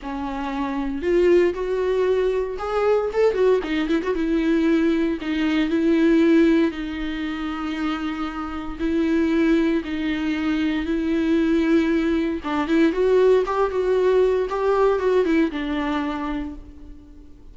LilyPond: \new Staff \with { instrumentName = "viola" } { \time 4/4 \tempo 4 = 116 cis'2 f'4 fis'4~ | fis'4 gis'4 a'8 fis'8 dis'8 e'16 fis'16 | e'2 dis'4 e'4~ | e'4 dis'2.~ |
dis'4 e'2 dis'4~ | dis'4 e'2. | d'8 e'8 fis'4 g'8 fis'4. | g'4 fis'8 e'8 d'2 | }